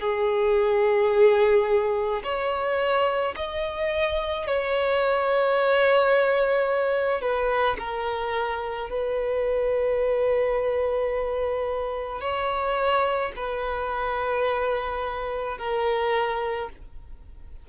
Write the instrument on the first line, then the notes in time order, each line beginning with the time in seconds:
violin
0.00 G#4
2.24 C#5
3.36 D#5
4.47 C#5
7.21 B4
7.79 A#4
8.90 B4
12.21 C#5
13.36 B4
15.58 A#4